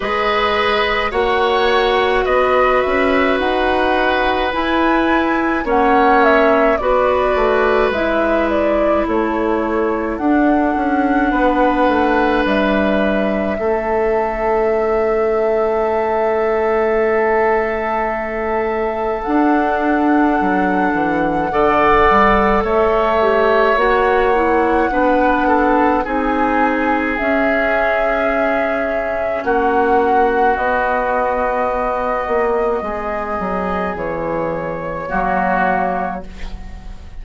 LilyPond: <<
  \new Staff \with { instrumentName = "flute" } { \time 4/4 \tempo 4 = 53 dis''4 fis''4 dis''8 e''8 fis''4 | gis''4 fis''8 e''8 d''4 e''8 d''8 | cis''4 fis''2 e''4~ | e''1~ |
e''4 fis''2. | e''4 fis''2 gis''4 | e''2 fis''4 dis''4~ | dis''2 cis''2 | }
  \new Staff \with { instrumentName = "oboe" } { \time 4/4 b'4 cis''4 b'2~ | b'4 cis''4 b'2 | a'2 b'2 | a'1~ |
a'2. d''4 | cis''2 b'8 a'8 gis'4~ | gis'2 fis'2~ | fis'4 gis'2 fis'4 | }
  \new Staff \with { instrumentName = "clarinet" } { \time 4/4 gis'4 fis'2. | e'4 cis'4 fis'4 e'4~ | e'4 d'2. | cis'1~ |
cis'4 d'2 a'4~ | a'8 g'8 fis'8 e'8 d'4 dis'4 | cis'2. b4~ | b2. ais4 | }
  \new Staff \with { instrumentName = "bassoon" } { \time 4/4 gis4 ais4 b8 cis'8 dis'4 | e'4 ais4 b8 a8 gis4 | a4 d'8 cis'8 b8 a8 g4 | a1~ |
a4 d'4 fis8 e8 d8 g8 | a4 ais4 b4 c'4 | cis'2 ais4 b4~ | b8 ais8 gis8 fis8 e4 fis4 | }
>>